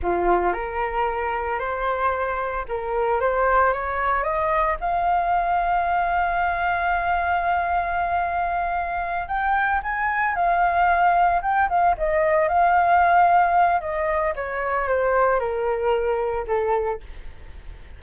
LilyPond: \new Staff \with { instrumentName = "flute" } { \time 4/4 \tempo 4 = 113 f'4 ais'2 c''4~ | c''4 ais'4 c''4 cis''4 | dis''4 f''2.~ | f''1~ |
f''4. g''4 gis''4 f''8~ | f''4. g''8 f''8 dis''4 f''8~ | f''2 dis''4 cis''4 | c''4 ais'2 a'4 | }